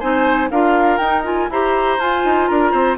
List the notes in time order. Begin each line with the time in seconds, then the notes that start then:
0.00 C4 D#4 C5 G#5
0.51 D4 F4 A#4 F5
0.97 D#4 G5
1.24 F4 G#5
1.49 E4 G4 C5 A#5
1.99 F4 G#5
2.25 D#4
2.48 D4 A#4 A#5
2.72 C4 C5